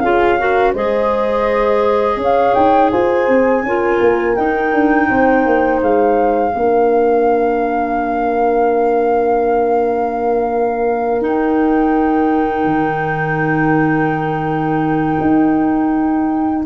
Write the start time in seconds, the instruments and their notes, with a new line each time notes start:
0.00 tuba C#4, clarinet F4, horn G#4, flute F5
0.39 clarinet F#4, horn A#4
0.73 tuba G#3, clarinet G#4, horn C5, flute D#5
2.17 tuba C#4, horn C#5
2.24 flute F5
2.54 tuba D#4, flute G5
2.91 tuba F4, horn C5, flute G#5
3.28 tuba C4
3.63 tuba C#4, clarinet F4, horn A#4
4.01 tuba A#3
4.36 clarinet D#4, tuba D#4, flute G5
4.73 tuba D4
5.09 tuba C4, horn C5
5.46 tuba A#3
5.82 tuba G#3, flute F5
6.52 tuba A#3, clarinet D4, horn A#4
11.21 clarinet D#4, tuba D#4, flute G5
12.64 tuba D#3
15.21 tuba D#4